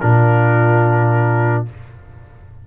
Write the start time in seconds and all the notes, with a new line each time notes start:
0.00 A#2 D4 F4 A#4